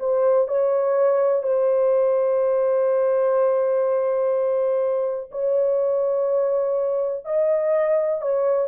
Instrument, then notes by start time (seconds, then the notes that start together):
horn
0.00 C5
0.48 C#5
1.44 C5
5.32 C#5
7.25 D#5
8.22 C#5